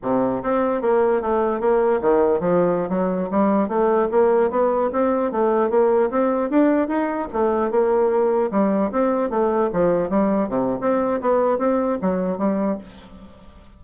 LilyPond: \new Staff \with { instrumentName = "bassoon" } { \time 4/4 \tempo 4 = 150 c4 c'4 ais4 a4 | ais4 dis4 f4~ f16 fis8.~ | fis16 g4 a4 ais4 b8.~ | b16 c'4 a4 ais4 c'8.~ |
c'16 d'4 dis'4 a4 ais8.~ | ais4~ ais16 g4 c'4 a8.~ | a16 f4 g4 c8. c'4 | b4 c'4 fis4 g4 | }